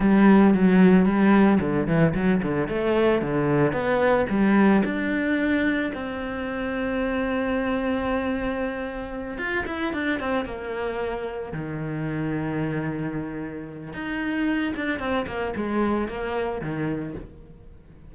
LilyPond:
\new Staff \with { instrumentName = "cello" } { \time 4/4 \tempo 4 = 112 g4 fis4 g4 d8 e8 | fis8 d8 a4 d4 b4 | g4 d'2 c'4~ | c'1~ |
c'4. f'8 e'8 d'8 c'8 ais8~ | ais4. dis2~ dis8~ | dis2 dis'4. d'8 | c'8 ais8 gis4 ais4 dis4 | }